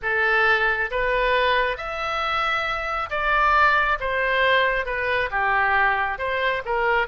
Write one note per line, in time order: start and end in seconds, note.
0.02 0.90 A4
0.90 1.76 B4
1.76 3.09 E5
3.10 3.98 D5
3.99 4.85 C5
4.85 5.29 B4
5.31 6.18 G4
6.18 6.62 C5
6.65 7.07 A#4